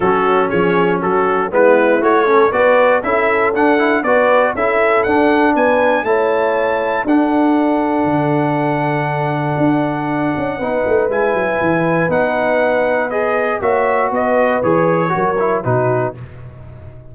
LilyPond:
<<
  \new Staff \with { instrumentName = "trumpet" } { \time 4/4 \tempo 4 = 119 a'4 cis''4 a'4 b'4 | cis''4 d''4 e''4 fis''4 | d''4 e''4 fis''4 gis''4 | a''2 fis''2~ |
fis''1~ | fis''2 gis''2 | fis''2 dis''4 e''4 | dis''4 cis''2 b'4 | }
  \new Staff \with { instrumentName = "horn" } { \time 4/4 fis'4 gis'4 fis'4 e'4~ | e'8 a'8 b'4 a'2 | b'4 a'2 b'4 | cis''2 a'2~ |
a'1~ | a'4 b'2.~ | b'2. cis''4 | b'2 ais'4 fis'4 | }
  \new Staff \with { instrumentName = "trombone" } { \time 4/4 cis'2. b4 | fis'8 cis'8 fis'4 e'4 d'8 e'8 | fis'4 e'4 d'2 | e'2 d'2~ |
d'1~ | d'4 dis'4 e'2 | dis'2 gis'4 fis'4~ | fis'4 gis'4 fis'8 e'8 dis'4 | }
  \new Staff \with { instrumentName = "tuba" } { \time 4/4 fis4 f4 fis4 gis4 | a4 b4 cis'4 d'4 | b4 cis'4 d'4 b4 | a2 d'2 |
d2. d'4~ | d'8 cis'8 b8 a8 gis8 fis8 e4 | b2. ais4 | b4 e4 fis4 b,4 | }
>>